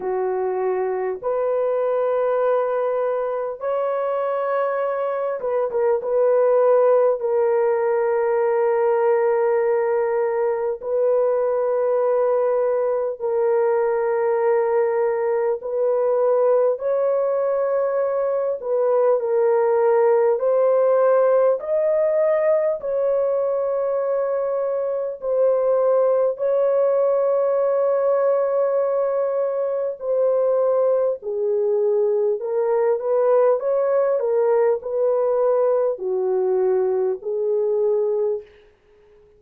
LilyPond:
\new Staff \with { instrumentName = "horn" } { \time 4/4 \tempo 4 = 50 fis'4 b'2 cis''4~ | cis''8 b'16 ais'16 b'4 ais'2~ | ais'4 b'2 ais'4~ | ais'4 b'4 cis''4. b'8 |
ais'4 c''4 dis''4 cis''4~ | cis''4 c''4 cis''2~ | cis''4 c''4 gis'4 ais'8 b'8 | cis''8 ais'8 b'4 fis'4 gis'4 | }